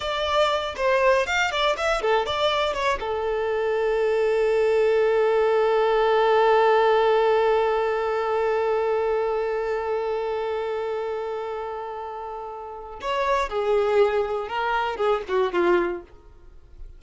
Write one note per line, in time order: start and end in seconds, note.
0.00 0.75 D5
0.76 1.26 C5
1.26 1.51 F5
1.51 1.76 D5
1.77 2.01 E5
2.01 2.26 A4
2.26 2.73 D5
2.73 2.98 C#5
3.00 13.00 A4
13.01 13.49 C#5
13.49 14.48 G#4
14.48 14.96 A#4
14.96 15.21 G#4
15.28 15.52 F#4
15.52 16.02 F4